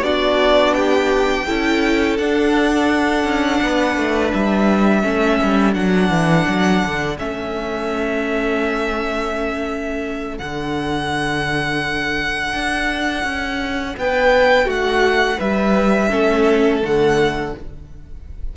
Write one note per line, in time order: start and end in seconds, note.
0.00 1.43 B3
0.00 1.46 D4
0.00 0.76 F#4
0.00 0.74 D5
0.74 1.47 G4
0.74 2.16 G5
1.47 2.19 C#4
1.47 2.19 E4
1.47 3.61 A4
2.17 3.24 D4
2.17 5.02 D4
2.17 4.31 F#5
3.24 3.59 C#4
3.62 3.96 B3
3.62 5.02 B4
3.96 4.32 A3
4.33 5.03 G3
4.33 5.74 E5
5.02 5.39 A3
5.02 5.73 C#4
5.02 13.94 A4
5.42 5.75 G3
5.73 6.09 F#3
5.73 7.16 D4
5.73 7.17 F#5
6.09 6.45 E3
6.48 6.83 F#3
6.84 7.19 D3
7.18 10.39 A3
7.18 10.39 C#4
7.18 10.38 E5
10.38 12.53 D3
10.38 16.10 D4
10.38 13.95 F#5
12.53 13.23 D4
13.23 13.95 C#4
13.97 14.66 B3
13.97 14.65 B4
13.97 14.69 G5
14.65 15.37 A3
14.65 15.36 F#4
14.65 15.40 F#5
15.37 16.11 G3
15.37 16.09 B4
15.37 16.83 E5
16.10 16.82 A3
16.10 16.81 C#4
16.10 17.53 A4
16.82 17.54 D3
16.82 17.53 A3
16.82 17.56 F#5